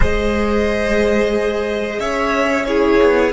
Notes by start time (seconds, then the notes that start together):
0.00 G#3 G#4 C5 D#5
1.99 C#4 C#5 E5
2.64 E4 G#4 C#5
3.01 B3